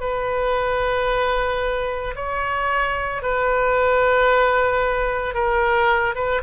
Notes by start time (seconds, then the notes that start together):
0.00 B4
2.15 C#5
3.22 B4
5.34 A#4
6.15 B4